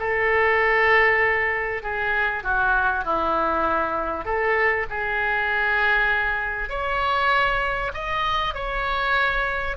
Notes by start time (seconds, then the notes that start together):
0.00 A4
1.83 G#4
2.44 F#4
3.05 E4
4.25 A4
4.90 G#4
6.70 C#5
7.94 D#5
8.54 C#5